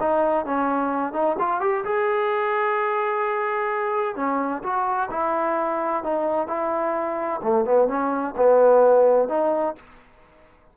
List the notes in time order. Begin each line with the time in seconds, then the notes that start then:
0.00 D#4
0.46 C#4
1.13 D#4
1.39 F4
1.61 G4
1.85 G#4
4.16 C#4
4.63 F#4
5.11 E4
6.04 D#4
6.48 E4
7.43 A3
7.65 B3
7.88 C#4
8.37 B3
9.29 D#4